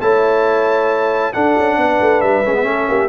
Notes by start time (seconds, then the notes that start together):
0.00 A3 E4 C#5 A5
1.33 D4 A4 F#5
1.57 C#4
1.77 B3 B4
2.01 A3
2.21 G3 E5
2.44 G#3 C#4
2.53 B3
2.63 A3 C#4 A4
2.88 A#3 G4